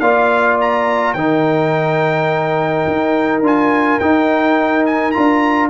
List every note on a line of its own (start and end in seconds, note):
0.00 1.15 A#3
0.00 1.17 F4
0.00 1.15 D5
0.00 0.57 F5
0.62 1.14 A#5
1.14 2.86 D#3
1.14 3.44 D#4
1.14 5.70 A#4
1.14 3.42 G5
2.87 3.41 D#4
3.41 3.98 D4
3.41 4.01 F4
3.41 4.00 G#5
4.00 5.16 D#4
4.00 5.14 D#4
4.00 4.86 G5
4.86 5.12 G#5
5.12 5.70 D4
5.12 5.70 F4
5.12 5.69 A#5